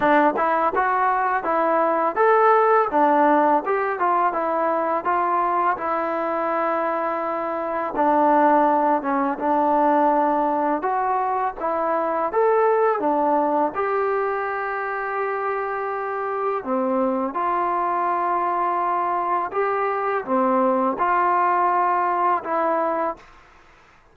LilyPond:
\new Staff \with { instrumentName = "trombone" } { \time 4/4 \tempo 4 = 83 d'8 e'8 fis'4 e'4 a'4 | d'4 g'8 f'8 e'4 f'4 | e'2. d'4~ | d'8 cis'8 d'2 fis'4 |
e'4 a'4 d'4 g'4~ | g'2. c'4 | f'2. g'4 | c'4 f'2 e'4 | }